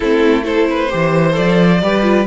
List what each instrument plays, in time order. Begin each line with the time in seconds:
0.00 cello A3, viola C4, violin E4 A4
0.43 viola E4, violin A4 C5
0.70 violin B4
0.89 cello E3, viola G4, violin C5
1.32 viola A4, violin D5
1.38 cello F3
1.82 cello G3, viola G4, violin B4
2.02 viola F4